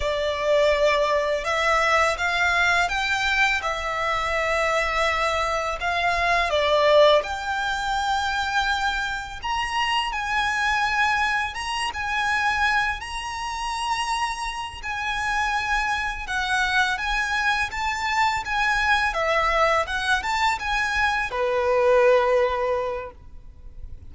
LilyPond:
\new Staff \with { instrumentName = "violin" } { \time 4/4 \tempo 4 = 83 d''2 e''4 f''4 | g''4 e''2. | f''4 d''4 g''2~ | g''4 ais''4 gis''2 |
ais''8 gis''4. ais''2~ | ais''8 gis''2 fis''4 gis''8~ | gis''8 a''4 gis''4 e''4 fis''8 | a''8 gis''4 b'2~ b'8 | }